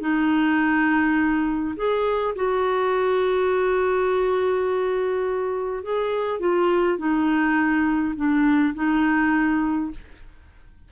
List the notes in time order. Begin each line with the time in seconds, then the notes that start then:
0.00 D#4
1.76 G#4
2.35 F#4
5.83 G#4
6.40 F4
6.98 D#4
8.16 D4
8.75 D#4